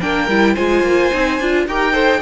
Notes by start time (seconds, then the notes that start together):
0.00 A#3 D4 A#4 G5
0.28 G3 E4
0.54 G#3 F4 C5 G#5
0.83 A#3
1.12 C4 D#4
1.39 D4 F4
1.67 D#4 G4 A#4 G5
1.92 A4 C5